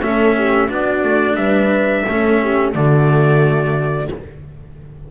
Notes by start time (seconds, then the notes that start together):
0.00 A3 C#4 A4 E5
0.37 G4
0.68 B3 D4 F#4 D5
1.03 A3
1.35 G3 B4 E5
2.07 A3 C#4 A4
2.41 G4
2.72 D3 A3 F#4 D5